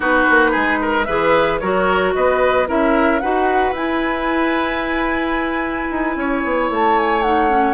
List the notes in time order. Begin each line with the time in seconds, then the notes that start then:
0.00 B3 D#4 F#4 B4
0.29 A#3
0.51 G#3 G#4
0.81 A#4
1.04 E3 G#4 B4 E5
1.59 F#3 F#4 A#4 C#5
2.14 B3 B4 D#5
2.66 C#4 E4 A#4 E5
3.19 D#4 F#4 B4 F#5
3.72 E4 G#5
5.91 D#4
6.16 C#4 C#5
6.44 B3
6.70 A3 A5
6.99 G#5
7.22 D#4 F#5
7.49 C#4